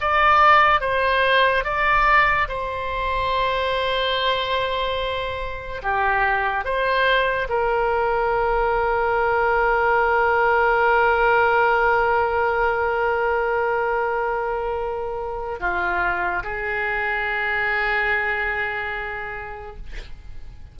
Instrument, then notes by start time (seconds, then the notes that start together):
oboe
0.00 D5
0.80 C5
1.64 D5
2.48 C5
5.82 G4
6.64 C5
7.48 A#4
15.59 F4
16.43 G#4